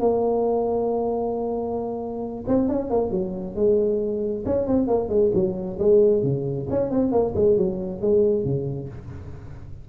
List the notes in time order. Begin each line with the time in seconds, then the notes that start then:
0.00 A#3
2.47 C4
2.68 C#4
2.91 A#3
3.11 F#3
3.55 G#3
4.46 C#4
4.67 C4
4.87 A#3
5.09 G#3
5.34 F#3
5.79 G#3
6.23 C#3
6.70 C#4
6.91 C4
7.12 A#3
7.36 G#3
7.57 F#3
8.02 G#3
8.45 C#3